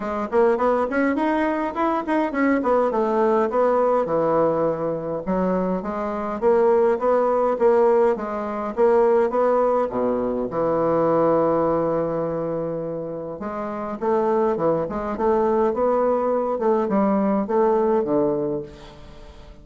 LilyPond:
\new Staff \with { instrumentName = "bassoon" } { \time 4/4 \tempo 4 = 103 gis8 ais8 b8 cis'8 dis'4 e'8 dis'8 | cis'8 b8 a4 b4 e4~ | e4 fis4 gis4 ais4 | b4 ais4 gis4 ais4 |
b4 b,4 e2~ | e2. gis4 | a4 e8 gis8 a4 b4~ | b8 a8 g4 a4 d4 | }